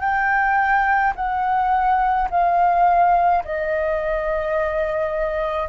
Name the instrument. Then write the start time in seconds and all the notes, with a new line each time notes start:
flute
0.00 G5
1.15 F#5
2.30 F5
3.44 D#5